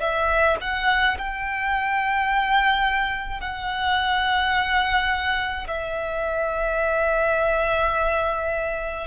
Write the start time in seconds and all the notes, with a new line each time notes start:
0.00 E5
0.61 F#5
1.18 G5
3.41 F#5
5.68 E5